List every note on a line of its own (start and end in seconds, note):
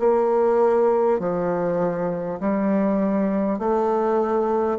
0.00 1.19 A#3
1.19 2.39 F3
2.41 3.59 G3
3.59 4.79 A3